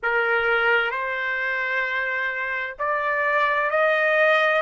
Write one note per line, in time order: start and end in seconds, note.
0.03 0.90 A#4
0.90 2.75 C5
2.78 3.70 D5
3.70 4.62 D#5